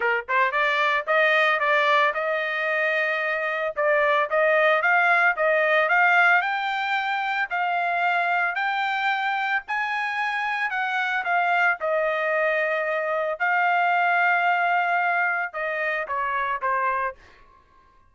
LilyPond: \new Staff \with { instrumentName = "trumpet" } { \time 4/4 \tempo 4 = 112 ais'8 c''8 d''4 dis''4 d''4 | dis''2. d''4 | dis''4 f''4 dis''4 f''4 | g''2 f''2 |
g''2 gis''2 | fis''4 f''4 dis''2~ | dis''4 f''2.~ | f''4 dis''4 cis''4 c''4 | }